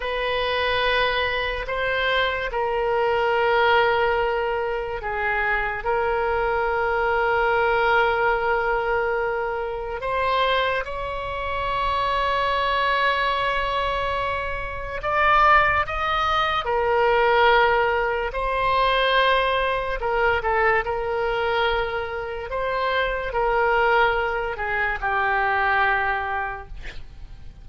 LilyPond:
\new Staff \with { instrumentName = "oboe" } { \time 4/4 \tempo 4 = 72 b'2 c''4 ais'4~ | ais'2 gis'4 ais'4~ | ais'1 | c''4 cis''2.~ |
cis''2 d''4 dis''4 | ais'2 c''2 | ais'8 a'8 ais'2 c''4 | ais'4. gis'8 g'2 | }